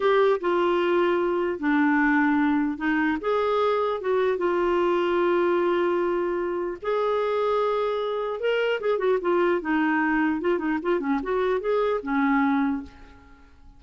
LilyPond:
\new Staff \with { instrumentName = "clarinet" } { \time 4/4 \tempo 4 = 150 g'4 f'2. | d'2. dis'4 | gis'2 fis'4 f'4~ | f'1~ |
f'4 gis'2.~ | gis'4 ais'4 gis'8 fis'8 f'4 | dis'2 f'8 dis'8 f'8 cis'8 | fis'4 gis'4 cis'2 | }